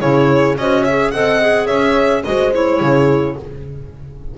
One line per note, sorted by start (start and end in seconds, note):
0.00 0.56 C#3
0.00 0.56 E4
0.00 0.59 G#4
0.00 0.56 C#5
0.57 1.12 C#4
0.57 0.87 F#4
0.57 0.82 C5
0.57 0.84 D#5
0.82 1.10 C#5
0.82 1.11 E5
0.89 1.14 G#4
1.11 1.68 C4
1.11 1.41 A4
1.11 1.66 D#5
1.11 1.67 F#5
1.41 2.24 G#4
1.66 2.25 C#4
1.66 2.22 C#5
1.66 2.22 E5
2.24 2.81 G#3
2.24 2.52 F#4
2.24 2.82 C5
2.24 2.52 D#5
2.53 3.36 E4
2.53 3.38 C#5
2.81 3.37 C#3
2.81 3.38 G#4